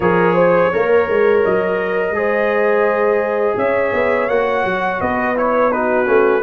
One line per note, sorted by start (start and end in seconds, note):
0.00 0.70 F3
0.00 0.72 G#4
0.00 0.34 A#4
0.00 1.41 C#5
0.34 0.69 C5
0.69 1.09 A#3
0.69 2.15 A#4
0.69 2.12 C#5
1.09 1.44 G#3
1.44 2.10 F#3
1.44 3.58 D#5
2.10 3.53 G#3
2.10 4.29 G#4
2.10 3.58 C5
3.56 3.92 C#4
3.56 5.01 C#5
3.56 4.29 E5
3.93 4.28 B3
4.28 4.64 A#3
4.28 5.36 F#4
4.28 5.00 F#5
4.64 5.00 F#3
5.00 6.07 B3
5.00 5.72 B4
5.00 5.36 D#5
5.36 5.71 E4
5.36 5.71 C#5
5.71 6.05 D#4
5.71 6.42 F#4
5.71 6.42 B4
6.05 6.42 A3
6.05 6.41 C#4